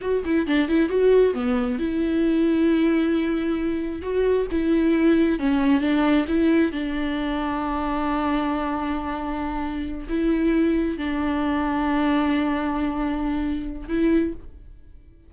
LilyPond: \new Staff \with { instrumentName = "viola" } { \time 4/4 \tempo 4 = 134 fis'8 e'8 d'8 e'8 fis'4 b4 | e'1~ | e'4 fis'4 e'2 | cis'4 d'4 e'4 d'4~ |
d'1~ | d'2~ d'8 e'4.~ | e'8 d'2.~ d'8~ | d'2. e'4 | }